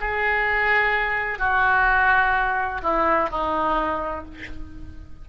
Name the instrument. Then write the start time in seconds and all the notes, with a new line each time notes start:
oboe
0.00 G#4
1.39 F#4
2.82 E4
3.29 D#4